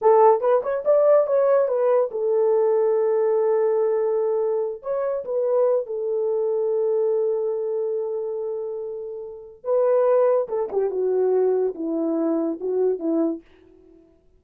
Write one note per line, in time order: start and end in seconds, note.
0.01 0.40 A4
0.40 0.61 B4
0.62 0.83 C#5
0.84 1.26 D5
1.26 1.67 C#5
1.67 2.09 B4
2.11 4.82 A4
4.82 5.24 C#5
5.24 5.86 B4
5.86 9.64 A4
9.64 10.47 B4
10.48 10.69 A4
10.71 10.90 G4
10.90 11.74 F#4
11.74 12.58 E4
12.60 12.99 F#4
12.99 13.41 E4